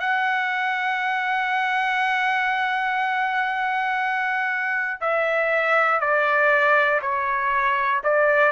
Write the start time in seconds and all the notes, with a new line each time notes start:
0.00 F#5
5.01 E5
6.01 D5
7.02 C#5
8.04 D5